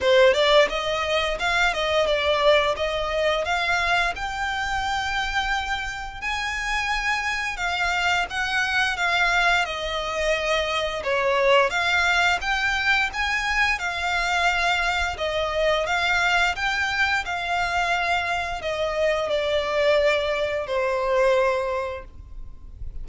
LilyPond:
\new Staff \with { instrumentName = "violin" } { \time 4/4 \tempo 4 = 87 c''8 d''8 dis''4 f''8 dis''8 d''4 | dis''4 f''4 g''2~ | g''4 gis''2 f''4 | fis''4 f''4 dis''2 |
cis''4 f''4 g''4 gis''4 | f''2 dis''4 f''4 | g''4 f''2 dis''4 | d''2 c''2 | }